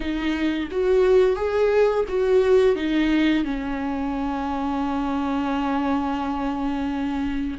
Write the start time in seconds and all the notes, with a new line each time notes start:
0.00 D#4
0.71 F#4
1.35 G#4
2.08 F#4
2.75 D#4
3.44 C#4